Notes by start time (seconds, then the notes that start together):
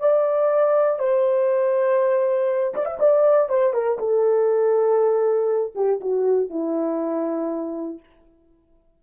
0.00 D5
0.99 C5
2.75 D5
2.85 E5
3.00 D5
3.49 C5
3.73 A#4
3.99 A4
5.75 G4
6.01 F#4
6.50 E4